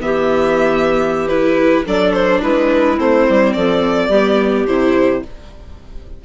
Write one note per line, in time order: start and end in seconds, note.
0.00 1.85 E3
0.00 1.27 B3
0.00 1.85 G4
0.00 1.28 E5
1.28 1.86 E4
1.28 1.85 B4
1.85 2.42 F#3
1.85 2.96 D4
1.85 2.41 A4
1.85 2.13 D5
2.13 2.41 C5
2.41 2.98 G#3
2.41 3.54 E4
2.41 2.99 B4
2.96 3.27 A3
2.96 4.10 C4
2.96 3.53 C5
3.29 3.56 G3
3.53 4.09 F3
3.53 4.09 A4
3.53 4.66 D5
4.09 4.65 G3
4.09 4.68 B3
4.09 5.22 G4
4.67 5.24 C3
4.67 5.25 E4
4.67 5.23 C5